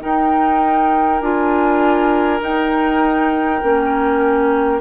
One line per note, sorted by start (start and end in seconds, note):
0.00 1.20 D#4
0.00 4.80 A#4
0.00 1.20 G5
1.20 2.40 D4
1.20 2.39 F4
1.20 2.40 G#5
2.39 3.59 D#4
2.39 3.61 D#4
2.39 4.80 G5
3.62 4.80 A#3
3.62 4.80 C#4